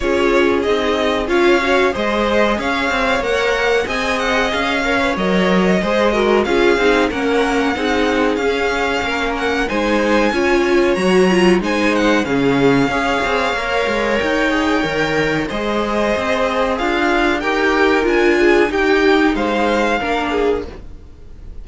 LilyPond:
<<
  \new Staff \with { instrumentName = "violin" } { \time 4/4 \tempo 4 = 93 cis''4 dis''4 f''4 dis''4 | f''4 fis''4 gis''8 fis''8 f''4 | dis''2 f''4 fis''4~ | fis''4 f''4. fis''8 gis''4~ |
gis''4 ais''4 gis''8 fis''8 f''4~ | f''2 g''2 | dis''2 f''4 g''4 | gis''4 g''4 f''2 | }
  \new Staff \with { instrumentName = "violin" } { \time 4/4 gis'2 cis''4 c''4 | cis''2 dis''4. cis''8~ | cis''4 c''8 ais'8 gis'4 ais'4 | gis'2 ais'4 c''4 |
cis''2 c''4 gis'4 | cis''1 | c''2 f'4 ais'4~ | ais'8 gis'8 g'4 c''4 ais'8 gis'8 | }
  \new Staff \with { instrumentName = "viola" } { \time 4/4 f'4 dis'4 f'8 fis'8 gis'4~ | gis'4 ais'4 gis'4. ais'16 b'16 | ais'4 gis'8 fis'8 f'8 dis'8 cis'4 | dis'4 cis'2 dis'4 |
f'4 fis'8 f'8 dis'4 cis'4 | gis'4 ais'4. gis'8 ais'4 | gis'2. g'4 | f'4 dis'2 d'4 | }
  \new Staff \with { instrumentName = "cello" } { \time 4/4 cis'4 c'4 cis'4 gis4 | cis'8 c'8 ais4 c'4 cis'4 | fis4 gis4 cis'8 c'8 ais4 | c'4 cis'4 ais4 gis4 |
cis'4 fis4 gis4 cis4 | cis'8 c'8 ais8 gis8 dis'4 dis4 | gis4 c'4 d'4 dis'4 | d'4 dis'4 gis4 ais4 | }
>>